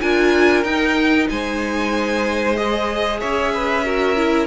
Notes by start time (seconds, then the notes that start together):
0.00 D4 F4 A#4 G#5
0.63 D#4 G5
1.29 G#3 C5 G#5
2.56 G#4 D#5
3.20 C#4 C#5 E5
3.53 B4
3.84 F#4 A#4
4.16 E4